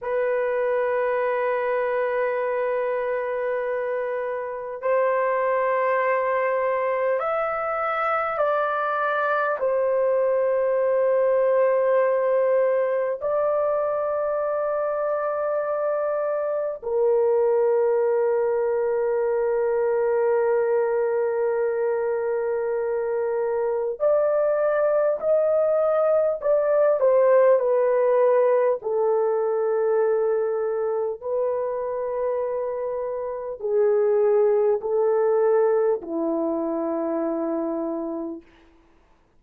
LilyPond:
\new Staff \with { instrumentName = "horn" } { \time 4/4 \tempo 4 = 50 b'1 | c''2 e''4 d''4 | c''2. d''4~ | d''2 ais'2~ |
ais'1 | d''4 dis''4 d''8 c''8 b'4 | a'2 b'2 | gis'4 a'4 e'2 | }